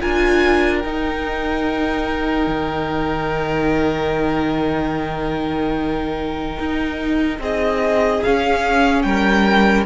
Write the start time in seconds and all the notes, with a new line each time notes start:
0.00 D4 F4 A#4 G#5
0.79 D#4 G5
0.85 D#4
2.46 D#3
6.59 D#4
7.38 C4 G#4 D#5
8.23 C#4 F5
9.02 G3 A#4 G5